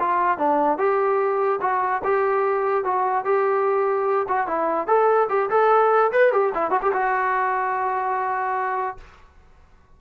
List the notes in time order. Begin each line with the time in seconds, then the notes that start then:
0.00 F4
0.38 D4
0.78 G4
1.62 F#4
2.04 G4
2.85 F#4
3.25 G4
4.29 F#4
4.48 E4
4.88 A4
5.29 G4
5.50 A4
6.12 B4
6.33 G4
6.55 E4
6.71 F#4
6.82 G4
6.93 F#4